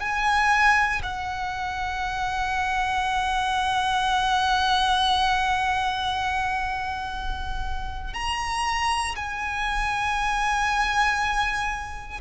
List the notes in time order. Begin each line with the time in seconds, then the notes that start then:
0.00 G#5
1.03 F#5
8.14 A#5
9.16 G#5